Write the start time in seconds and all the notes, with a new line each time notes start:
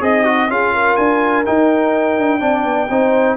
0.00 C4 D#4 G#4 D#5
0.24 F#4
0.48 C#4 F4 G#4 F5
0.73 A#4
0.96 D4 G#5
1.45 D#4 G5
2.17 D4
2.39 C4 D4 D5
2.64 B3
2.89 C4 D#4 C5